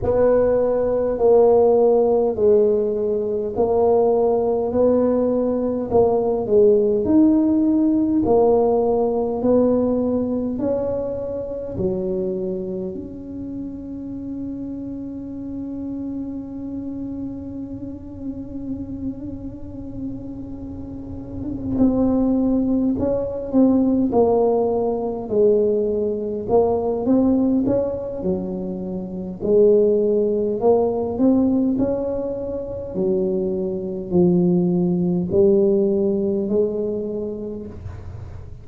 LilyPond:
\new Staff \with { instrumentName = "tuba" } { \time 4/4 \tempo 4 = 51 b4 ais4 gis4 ais4 | b4 ais8 gis8 dis'4 ais4 | b4 cis'4 fis4 cis'4~ | cis'1~ |
cis'2~ cis'8 c'4 cis'8 | c'8 ais4 gis4 ais8 c'8 cis'8 | fis4 gis4 ais8 c'8 cis'4 | fis4 f4 g4 gis4 | }